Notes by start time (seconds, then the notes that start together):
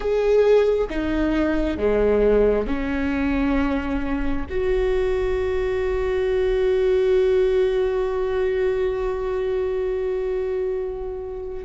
0.00 G#4
0.89 D#4
1.77 G#3
2.66 C#4
4.49 F#4